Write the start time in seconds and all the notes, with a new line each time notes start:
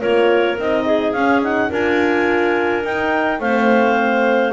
0.00 A#3 F4 A#4 C#5
0.59 C4 D#4 D#5
0.85 G#4
1.12 C#4 F5
1.42 D#4 F#5
1.69 D4 F4 A#4 G#5
2.83 D#4 G5
3.39 A3 C4 C5 F5